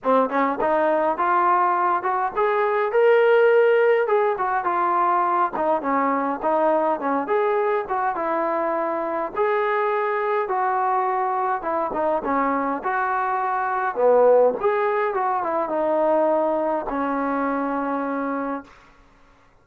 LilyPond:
\new Staff \with { instrumentName = "trombone" } { \time 4/4 \tempo 4 = 103 c'8 cis'8 dis'4 f'4. fis'8 | gis'4 ais'2 gis'8 fis'8 | f'4. dis'8 cis'4 dis'4 | cis'8 gis'4 fis'8 e'2 |
gis'2 fis'2 | e'8 dis'8 cis'4 fis'2 | b4 gis'4 fis'8 e'8 dis'4~ | dis'4 cis'2. | }